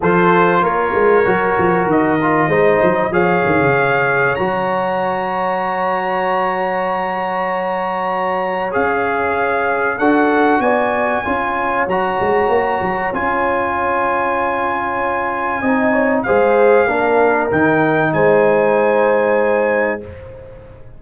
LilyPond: <<
  \new Staff \with { instrumentName = "trumpet" } { \time 4/4 \tempo 4 = 96 c''4 cis''2 dis''4~ | dis''4 f''2 ais''4~ | ais''1~ | ais''2 f''2 |
fis''4 gis''2 ais''4~ | ais''4 gis''2.~ | gis''2 f''2 | g''4 gis''2. | }
  \new Staff \with { instrumentName = "horn" } { \time 4/4 a'4 ais'2. | c''4 cis''2.~ | cis''1~ | cis''1 |
a'4 d''4 cis''2~ | cis''1~ | cis''4 dis''8 cis''8 c''4 ais'4~ | ais'4 c''2. | }
  \new Staff \with { instrumentName = "trombone" } { \time 4/4 f'2 fis'4. f'8 | dis'4 gis'2 fis'4~ | fis'1~ | fis'2 gis'2 |
fis'2 f'4 fis'4~ | fis'4 f'2.~ | f'4 dis'4 gis'4 d'4 | dis'1 | }
  \new Staff \with { instrumentName = "tuba" } { \time 4/4 f4 ais8 gis8 fis8 f8 dis4 | gis8 fis8 f8 dis16 cis4~ cis16 fis4~ | fis1~ | fis2 cis'2 |
d'4 b4 cis'4 fis8 gis8 | ais8 fis8 cis'2.~ | cis'4 c'4 gis4 ais4 | dis4 gis2. | }
>>